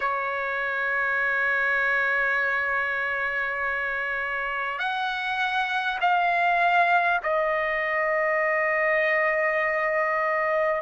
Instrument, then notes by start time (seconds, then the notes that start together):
trumpet
0.00 C#5
4.78 F#5
6.00 F5
7.22 D#5